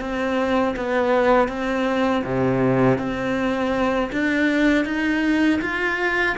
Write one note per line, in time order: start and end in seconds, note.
0.00 0.75 C4
0.76 1.48 B3
1.48 2.23 C4
2.24 2.98 C3
2.98 4.10 C4
4.12 4.85 D4
4.85 5.60 D#4
5.61 6.36 F4